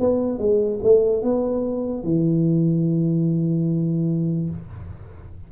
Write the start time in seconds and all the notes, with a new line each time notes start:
0.00 B3
0.39 G#3
0.83 A3
1.23 B3
2.04 E3